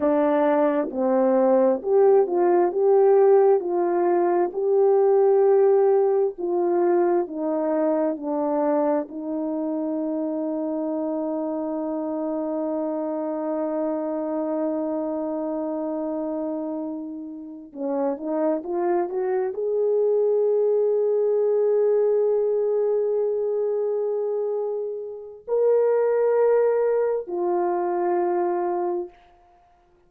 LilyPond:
\new Staff \with { instrumentName = "horn" } { \time 4/4 \tempo 4 = 66 d'4 c'4 g'8 f'8 g'4 | f'4 g'2 f'4 | dis'4 d'4 dis'2~ | dis'1~ |
dis'2.~ dis'8 cis'8 | dis'8 f'8 fis'8 gis'2~ gis'8~ | gis'1 | ais'2 f'2 | }